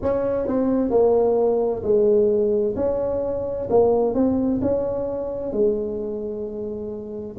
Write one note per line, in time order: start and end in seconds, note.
0.02 0.47 C#4
0.47 0.90 C4
0.90 1.82 A#3
1.83 2.75 G#3
2.76 3.68 C#4
3.70 4.14 A#3
4.14 4.60 C4
4.62 5.52 C#4
5.52 7.36 G#3